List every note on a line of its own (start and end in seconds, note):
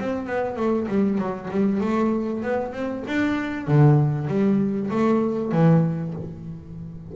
0.00 0.27 C4
0.27 0.56 B3
0.56 0.87 A3
0.88 1.18 G3
1.18 1.49 F#3
1.51 1.81 G3
1.81 2.43 A3
2.43 2.73 B3
2.73 3.04 C4
3.07 3.67 D4
3.67 4.28 D3
4.28 4.90 G3
4.90 5.52 A3
5.52 6.14 E3